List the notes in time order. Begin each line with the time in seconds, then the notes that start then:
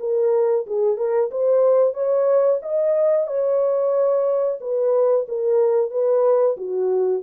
0.00 A#4
0.67 G#4
0.97 A#4
1.31 C5
1.94 C#5
2.63 D#5
3.27 C#5
4.61 B4
5.28 A#4
5.91 B4
6.57 F#4